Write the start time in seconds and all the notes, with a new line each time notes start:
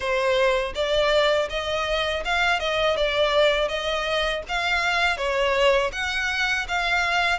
0.00 C5
0.74 D5
1.49 D#5
2.24 F5
2.59 D#5
2.96 D5
3.68 D#5
4.48 F5
5.17 C#5
5.92 F#5
6.68 F5